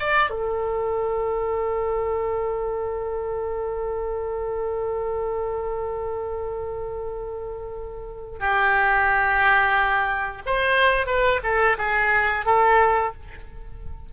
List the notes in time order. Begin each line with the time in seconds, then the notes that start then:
0.00 D5
0.31 A4
8.40 G4
10.46 C5
11.07 B4
11.44 A4
11.79 G#4
12.46 A4